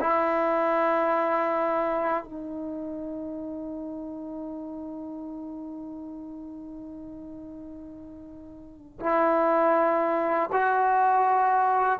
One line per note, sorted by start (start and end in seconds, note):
0.00 2.24 E4
2.24 8.99 D#4
9.00 10.50 E4
10.52 11.99 F#4